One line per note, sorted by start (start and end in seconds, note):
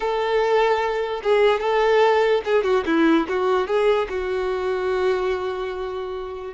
0.00 1.21 A4
1.23 1.60 G#4
1.60 2.41 A4
2.44 2.63 G#4
2.63 2.84 F#4
2.86 3.26 E4
3.28 3.67 F#4
3.67 4.08 G#4
4.09 6.54 F#4